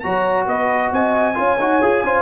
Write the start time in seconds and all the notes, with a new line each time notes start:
0.00 F#3 F#4 C#5 A#5
0.46 B3 B4 D#5
0.92 C4 D#5 G#5
1.35 C#4 F4 C#5
1.59 D#4 F#4
1.82 F4 G#4
2.04 C#4 F4 C5